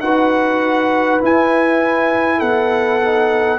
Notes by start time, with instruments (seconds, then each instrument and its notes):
0.00 tuba D#4, trombone F#4, horn B4, trumpet F#5
1.21 trombone E4, tuba E4, trumpet G#5
2.38 tuba B3, horn A4, trumpet F#5
3.02 trombone D#4